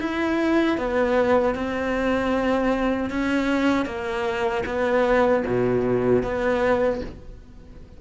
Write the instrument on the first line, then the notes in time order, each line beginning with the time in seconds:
cello
0.00 E4
0.78 B3
1.55 C4
3.10 C#4
3.86 A#3
4.65 B3
5.46 B2
6.23 B3